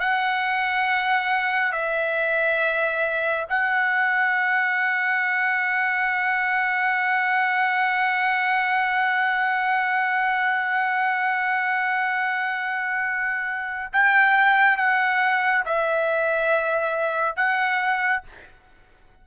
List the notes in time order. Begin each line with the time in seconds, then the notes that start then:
0.00 F#5
1.72 E5
3.49 F#5
13.93 G5
14.77 F#5
15.65 E5
17.36 F#5